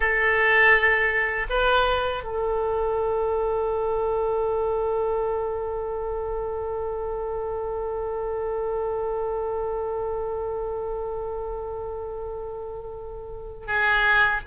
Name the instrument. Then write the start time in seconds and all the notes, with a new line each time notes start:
oboe
0.00 A4
1.49 B4
2.23 A4
13.66 G#4